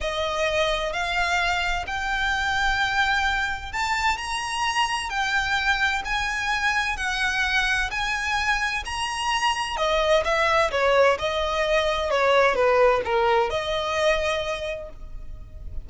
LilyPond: \new Staff \with { instrumentName = "violin" } { \time 4/4 \tempo 4 = 129 dis''2 f''2 | g''1 | a''4 ais''2 g''4~ | g''4 gis''2 fis''4~ |
fis''4 gis''2 ais''4~ | ais''4 dis''4 e''4 cis''4 | dis''2 cis''4 b'4 | ais'4 dis''2. | }